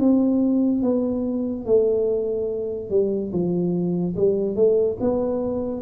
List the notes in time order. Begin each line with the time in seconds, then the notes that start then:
0.00 C4
0.83 B3
1.66 A3
2.91 G3
3.33 F3
4.16 G3
4.56 A3
5.01 B3